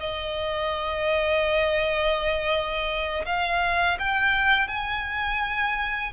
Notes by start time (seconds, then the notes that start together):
0.00 D#5
3.26 F5
4.00 G5
4.68 G#5